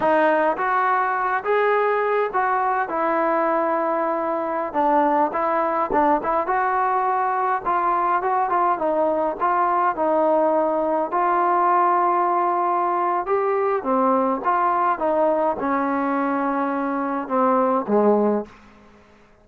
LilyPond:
\new Staff \with { instrumentName = "trombone" } { \time 4/4 \tempo 4 = 104 dis'4 fis'4. gis'4. | fis'4 e'2.~ | e'16 d'4 e'4 d'8 e'8 fis'8.~ | fis'4~ fis'16 f'4 fis'8 f'8 dis'8.~ |
dis'16 f'4 dis'2 f'8.~ | f'2. g'4 | c'4 f'4 dis'4 cis'4~ | cis'2 c'4 gis4 | }